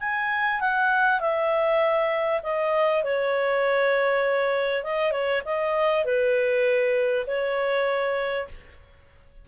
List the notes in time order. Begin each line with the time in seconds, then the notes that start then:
0.00 G#5
0.60 F#5
1.20 E5
2.43 D#5
3.04 C#5
4.84 D#5
5.12 C#5
5.45 D#5
6.05 B4
7.27 C#5